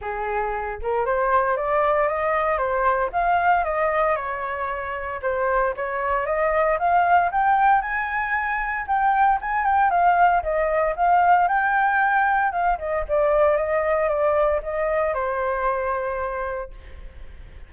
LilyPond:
\new Staff \with { instrumentName = "flute" } { \time 4/4 \tempo 4 = 115 gis'4. ais'8 c''4 d''4 | dis''4 c''4 f''4 dis''4 | cis''2 c''4 cis''4 | dis''4 f''4 g''4 gis''4~ |
gis''4 g''4 gis''8 g''8 f''4 | dis''4 f''4 g''2 | f''8 dis''8 d''4 dis''4 d''4 | dis''4 c''2. | }